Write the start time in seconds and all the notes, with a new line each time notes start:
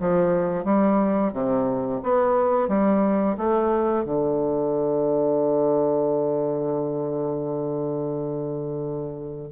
0.00 F3
0.64 G3
1.33 C3
2.03 B3
2.68 G3
3.37 A3
4.04 D3